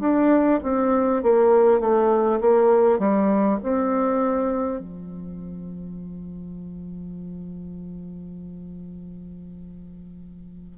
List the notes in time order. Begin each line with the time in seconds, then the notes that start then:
0.00 D4
0.63 C4
1.23 A#3
1.81 A3
2.41 A#3
2.99 G3
3.63 C4
4.79 F3